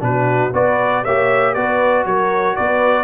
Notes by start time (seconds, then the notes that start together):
0.00 B2 D4 B4
0.07 F#4
0.53 B3 F#4 B4 D5
1.04 A#3 G4 C#5 E5
1.54 B3 F#4 B4 D5
2.05 F#3 A#4 C#5
2.56 B3 B4 D5